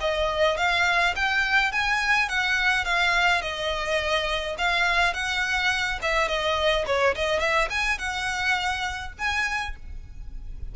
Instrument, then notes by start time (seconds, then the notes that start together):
violin
0.00 D#5
0.57 F5
1.15 G5
1.72 G#5
2.28 F#5
2.84 F5
3.41 D#5
4.58 F5
5.13 F#5
6.02 E5
6.28 D#5
6.86 C#5
7.15 D#5
7.39 E5
7.70 G#5
7.98 F#5
9.18 G#5